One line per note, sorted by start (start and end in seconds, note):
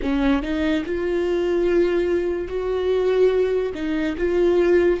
0.02 0.42 C#4
0.42 0.84 D#4
0.85 2.48 F4
2.48 3.73 F#4
3.74 4.16 D#4
4.17 5.00 F4